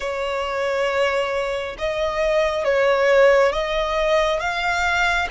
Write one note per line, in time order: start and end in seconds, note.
0.00 1.76 C#5
1.78 2.64 D#5
2.64 3.52 C#5
3.52 4.40 D#5
4.40 5.28 F5